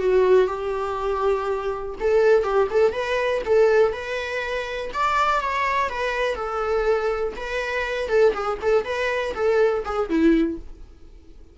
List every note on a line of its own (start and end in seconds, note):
0.00 0.48 F#4
0.48 1.95 G4
2.00 2.43 A4
2.43 2.68 G4
2.71 2.93 A4
2.93 3.42 B4
3.46 3.93 A4
3.93 4.91 B4
4.93 5.41 D5
5.41 5.89 C#5
5.89 6.35 B4
6.35 7.34 A4
7.37 8.09 B4
8.09 8.33 A4
8.34 8.59 G#4
8.62 8.85 A4
8.85 9.34 B4
9.35 9.84 A4
9.85 10.10 G#4
10.10 10.59 E4